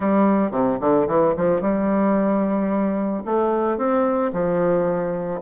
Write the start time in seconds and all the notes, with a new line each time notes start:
0.00 G3
0.51 C3
0.80 D3
1.07 E3
1.37 F3
1.61 G3
3.25 A3
3.77 C4
4.32 F3